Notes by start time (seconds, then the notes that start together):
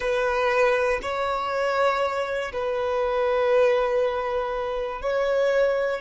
0.00 B4
1.01 C#5
2.53 B4
5.01 C#5